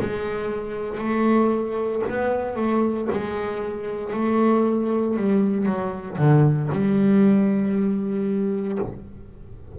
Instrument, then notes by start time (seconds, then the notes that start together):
double bass
0.00 G#3
0.98 A3
2.09 B3
2.56 A3
3.11 G#3
4.13 A3
5.16 G3
5.65 F#3
6.17 D3
6.71 G3